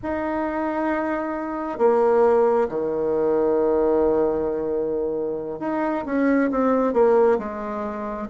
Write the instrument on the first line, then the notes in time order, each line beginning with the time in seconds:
bassoon
0.02 D#4
1.78 A#3
2.68 D#3
5.59 D#4
6.05 C#4
6.50 C4
6.93 A#3
7.38 G#3